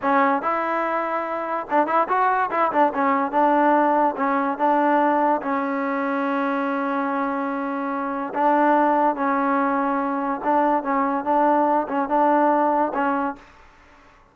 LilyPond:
\new Staff \with { instrumentName = "trombone" } { \time 4/4 \tempo 4 = 144 cis'4 e'2. | d'8 e'8 fis'4 e'8 d'8 cis'4 | d'2 cis'4 d'4~ | d'4 cis'2.~ |
cis'1 | d'2 cis'2~ | cis'4 d'4 cis'4 d'4~ | d'8 cis'8 d'2 cis'4 | }